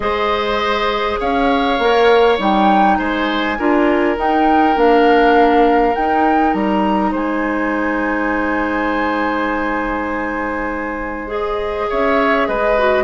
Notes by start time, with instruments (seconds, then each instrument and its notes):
0.00 bassoon G#3, clarinet G#4, oboe C5, flute D#5
1.20 bassoon C#4, oboe C#5, flute F5
1.78 bassoon A#3, clarinet A#4
2.38 bassoon G3, clarinet D#4, flute G5
2.98 bassoon G#3, oboe C5, flute G#5
3.58 bassoon D4, clarinet F4, oboe A#4
4.16 clarinet D#4, bassoon D#4, flute G5
4.75 bassoon A#3, clarinet D4, flute F5
5.94 clarinet D#4, bassoon D#4, flute G5
6.53 bassoon G3, flute A#5
7.11 bassoon G#3, oboe C5, flute G#5
11.27 clarinet G#4, flute D#5
11.89 bassoon C#4, oboe C#5, flute E5
12.47 bassoon G#3, oboe B4, flute D#5
12.78 clarinet F#4